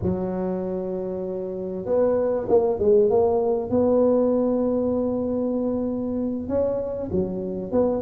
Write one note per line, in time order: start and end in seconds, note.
0.02 1.85 F#3
1.85 2.47 B3
2.48 2.79 A#3
2.79 3.09 G#3
3.09 3.69 A#3
3.69 6.48 B3
6.48 7.10 C#4
7.11 7.71 F#3
7.71 8.02 B3